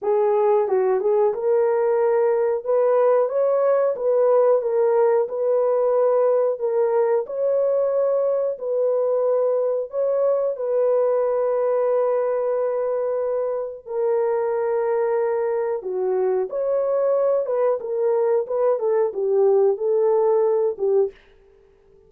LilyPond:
\new Staff \with { instrumentName = "horn" } { \time 4/4 \tempo 4 = 91 gis'4 fis'8 gis'8 ais'2 | b'4 cis''4 b'4 ais'4 | b'2 ais'4 cis''4~ | cis''4 b'2 cis''4 |
b'1~ | b'4 ais'2. | fis'4 cis''4. b'8 ais'4 | b'8 a'8 g'4 a'4. g'8 | }